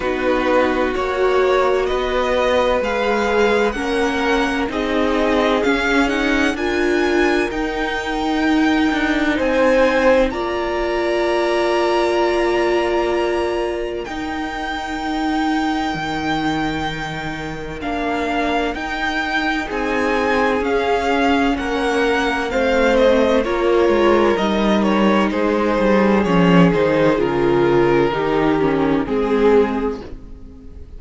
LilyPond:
<<
  \new Staff \with { instrumentName = "violin" } { \time 4/4 \tempo 4 = 64 b'4 cis''4 dis''4 f''4 | fis''4 dis''4 f''8 fis''8 gis''4 | g''2 gis''4 ais''4~ | ais''2. g''4~ |
g''2. f''4 | g''4 gis''4 f''4 fis''4 | f''8 dis''8 cis''4 dis''8 cis''8 c''4 | cis''8 c''8 ais'2 gis'4 | }
  \new Staff \with { instrumentName = "violin" } { \time 4/4 fis'2 b'2 | ais'4 gis'2 ais'4~ | ais'2 c''4 d''4~ | d''2. ais'4~ |
ais'1~ | ais'4 gis'2 ais'4 | c''4 ais'2 gis'4~ | gis'2 g'4 gis'4 | }
  \new Staff \with { instrumentName = "viola" } { \time 4/4 dis'4 fis'2 gis'4 | cis'4 dis'4 cis'8 dis'8 f'4 | dis'2. f'4~ | f'2. dis'4~ |
dis'2. d'4 | dis'2 cis'2 | c'4 f'4 dis'2 | cis'8 dis'8 f'4 dis'8 cis'8 c'4 | }
  \new Staff \with { instrumentName = "cello" } { \time 4/4 b4 ais4 b4 gis4 | ais4 c'4 cis'4 d'4 | dis'4. d'8 c'4 ais4~ | ais2. dis'4~ |
dis'4 dis2 ais4 | dis'4 c'4 cis'4 ais4 | a4 ais8 gis8 g4 gis8 g8 | f8 dis8 cis4 dis4 gis4 | }
>>